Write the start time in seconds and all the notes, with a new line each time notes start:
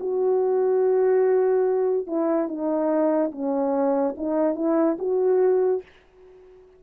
0.00 F#4
2.07 E4
2.48 D#4
3.32 C#4
4.17 D#4
4.55 E4
4.99 F#4